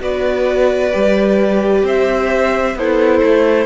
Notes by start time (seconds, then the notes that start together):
0.00 B3 F#4 B4 D5
0.91 G3 G4
1.83 C4 C5 E5
2.75 B3 E4 A4 C5
3.23 A3